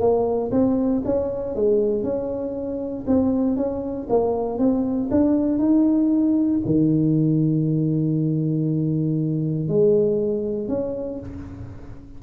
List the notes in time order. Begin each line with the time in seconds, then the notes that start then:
0.00 A#3
0.52 C4
1.05 C#4
1.56 G#3
2.03 C#4
3.07 C4
3.56 C#4
4.09 A#3
4.59 C4
5.11 D4
5.59 D#4
6.65 D#3
9.68 G#3
10.68 C#4